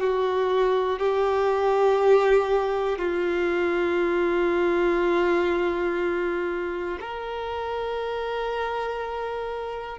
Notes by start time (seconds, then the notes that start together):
0.00 F#4
1.00 G4
2.99 F4
7.01 A#4